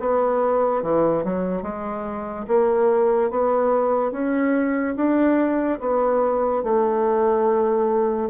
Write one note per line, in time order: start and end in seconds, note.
0.00 0.83 B3
0.83 1.24 E3
1.24 1.63 F#3
1.63 2.46 G#3
2.48 3.31 A#3
3.31 4.12 B3
4.12 4.95 C#4
4.96 5.80 D4
5.81 6.64 B3
6.64 8.30 A3